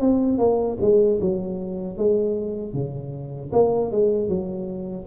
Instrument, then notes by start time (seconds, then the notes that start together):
tuba
0.00 C4
0.38 A#3
0.81 G#3
1.20 F#3
1.97 G#3
2.73 C#3
3.52 A#3
3.91 G#3
4.28 F#3